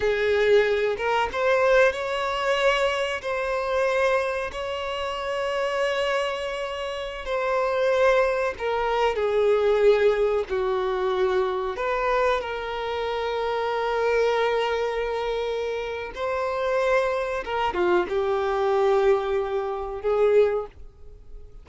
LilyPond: \new Staff \with { instrumentName = "violin" } { \time 4/4 \tempo 4 = 93 gis'4. ais'8 c''4 cis''4~ | cis''4 c''2 cis''4~ | cis''2.~ cis''16 c''8.~ | c''4~ c''16 ais'4 gis'4.~ gis'16~ |
gis'16 fis'2 b'4 ais'8.~ | ais'1~ | ais'4 c''2 ais'8 f'8 | g'2. gis'4 | }